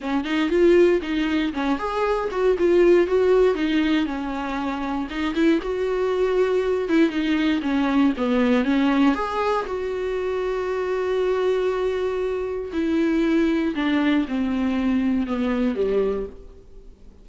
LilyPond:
\new Staff \with { instrumentName = "viola" } { \time 4/4 \tempo 4 = 118 cis'8 dis'8 f'4 dis'4 cis'8 gis'8~ | gis'8 fis'8 f'4 fis'4 dis'4 | cis'2 dis'8 e'8 fis'4~ | fis'4. e'8 dis'4 cis'4 |
b4 cis'4 gis'4 fis'4~ | fis'1~ | fis'4 e'2 d'4 | c'2 b4 g4 | }